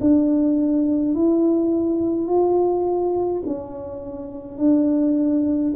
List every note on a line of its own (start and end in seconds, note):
0.00 1.15 D4
1.15 2.27 E4
2.27 3.42 F4
3.46 4.58 C#4
4.58 5.73 D4